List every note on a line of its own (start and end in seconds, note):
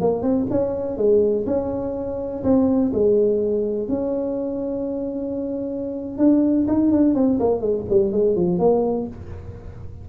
0.00 0.22 A#3
0.22 0.46 C4
0.50 0.97 C#4
0.97 1.45 G#3
1.46 2.43 C#4
2.43 2.92 C4
2.93 3.88 G#3
3.88 6.17 C#4
6.17 6.66 D4
6.67 6.91 D#4
6.91 7.14 D4
7.14 7.38 C4
7.39 7.60 A#3
7.60 7.85 G#3
7.89 8.11 G3
8.11 8.35 G#3
8.35 8.58 F3
8.58 9.07 A#3